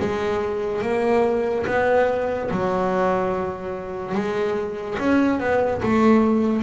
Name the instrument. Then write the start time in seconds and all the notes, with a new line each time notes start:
double bass
0.00 G#3
0.82 A#3
1.67 B3
2.51 F#3
4.15 G#3
4.99 C#4
5.40 B3
5.83 A3